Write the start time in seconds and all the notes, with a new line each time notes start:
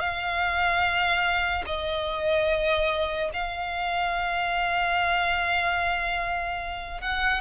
0.00 F5
1.66 D#5
3.34 F5
7.01 F#5